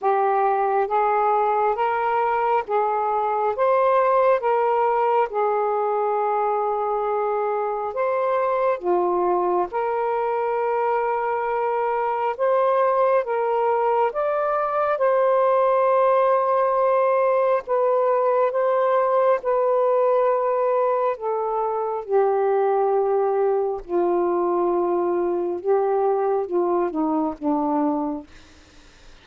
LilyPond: \new Staff \with { instrumentName = "saxophone" } { \time 4/4 \tempo 4 = 68 g'4 gis'4 ais'4 gis'4 | c''4 ais'4 gis'2~ | gis'4 c''4 f'4 ais'4~ | ais'2 c''4 ais'4 |
d''4 c''2. | b'4 c''4 b'2 | a'4 g'2 f'4~ | f'4 g'4 f'8 dis'8 d'4 | }